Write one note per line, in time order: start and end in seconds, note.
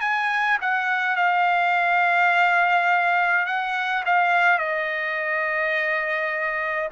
0.00 0.58 G#5
0.61 1.16 F#5
1.16 3.46 F5
3.46 4.03 F#5
4.05 4.58 F5
4.58 6.89 D#5